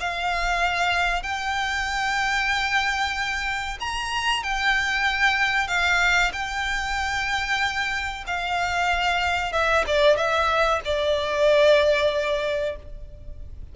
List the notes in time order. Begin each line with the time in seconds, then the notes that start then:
0.00 F5
1.23 G5
3.80 A#5
4.43 G5
5.68 F5
6.33 G5
8.27 F5
9.53 E5
9.87 D5
10.17 E5
10.85 D5